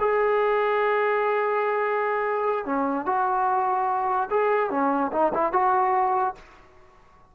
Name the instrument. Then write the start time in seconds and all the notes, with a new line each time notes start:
trombone
0.00 G#4
2.65 C#4
3.06 F#4
4.30 G#4
4.71 C#4
5.12 D#4
5.34 E4
5.53 F#4